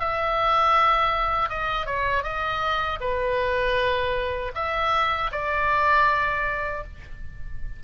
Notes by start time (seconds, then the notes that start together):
0.00 E5
1.49 D#5
1.86 C#5
2.23 D#5
3.01 B4
4.55 E5
5.32 D5